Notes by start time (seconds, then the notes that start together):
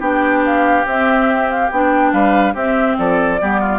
0.00 B3 D4 G4 G5
0.45 F5
0.85 C4 E5
1.50 F5
1.72 B3 D4 G5
2.13 G3 B4 F5
2.54 C4 G4 E5
2.99 F3 A4 D5
3.40 G3 B3 G4
3.61 F4